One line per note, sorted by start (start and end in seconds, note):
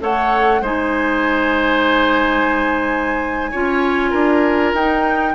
0.00 0.61 A3
0.00 0.61 A4
0.00 0.62 C#5
0.00 0.65 F#5
0.61 3.52 G#3
0.61 3.54 D#4
0.61 3.51 C5
0.61 4.76 G#5
3.51 4.13 C#4
3.51 4.76 F4
3.51 4.10 C#5
4.10 4.73 D4
4.10 5.33 A#4
4.73 5.34 D#4
4.73 5.35 D#4
4.73 5.35 G5